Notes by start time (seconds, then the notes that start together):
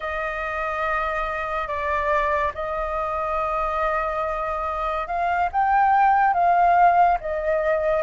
0.00 D#5
1.67 D5
2.54 D#5
5.07 F5
5.52 G5
6.33 F5
7.20 D#5